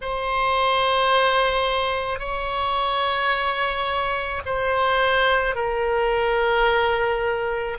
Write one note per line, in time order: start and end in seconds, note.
0.01 2.19 C5
2.19 4.41 C#5
4.45 5.55 C5
5.55 7.77 A#4